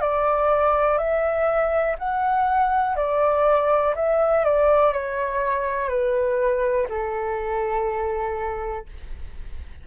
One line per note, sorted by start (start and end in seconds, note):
0.00 0.97 D5
0.97 1.96 E5
1.98 2.96 F#5
2.96 3.94 D5
3.95 4.44 E5
4.44 4.93 D5
4.93 5.88 C#5
5.88 6.87 B4
6.89 8.86 A4